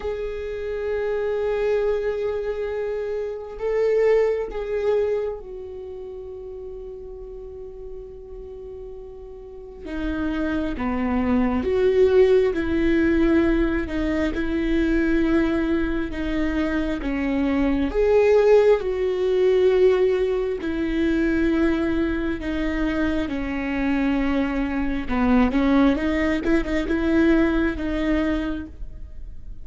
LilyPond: \new Staff \with { instrumentName = "viola" } { \time 4/4 \tempo 4 = 67 gis'1 | a'4 gis'4 fis'2~ | fis'2. dis'4 | b4 fis'4 e'4. dis'8 |
e'2 dis'4 cis'4 | gis'4 fis'2 e'4~ | e'4 dis'4 cis'2 | b8 cis'8 dis'8 e'16 dis'16 e'4 dis'4 | }